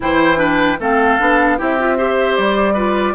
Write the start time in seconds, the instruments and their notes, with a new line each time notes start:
0.00 bassoon E3, clarinet E4, oboe C5, flute G5
0.36 clarinet D4, oboe B4
0.79 bassoon A3, clarinet C4, oboe A4, flute F5
1.19 bassoon B3, clarinet D4
1.57 bassoon C4, clarinet E4, oboe G4, flute E5
1.78 clarinet F4
1.97 clarinet G4, oboe C5
2.36 bassoon G3, flute D5
2.73 clarinet F4, oboe B4